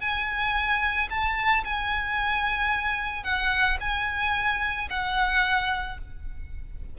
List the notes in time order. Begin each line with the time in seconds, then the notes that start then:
0.00 G#5
1.10 A5
1.64 G#5
3.23 F#5
3.80 G#5
4.90 F#5